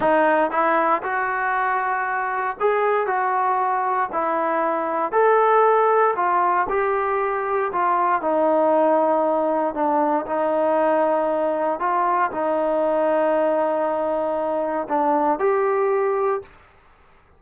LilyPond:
\new Staff \with { instrumentName = "trombone" } { \time 4/4 \tempo 4 = 117 dis'4 e'4 fis'2~ | fis'4 gis'4 fis'2 | e'2 a'2 | f'4 g'2 f'4 |
dis'2. d'4 | dis'2. f'4 | dis'1~ | dis'4 d'4 g'2 | }